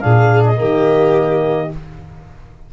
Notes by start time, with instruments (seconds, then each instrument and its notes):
0.00 tuba A#2, trombone D4, violin G#4, clarinet F5
0.45 clarinet D#5
0.56 tuba D#3, trombone A#3, violin G4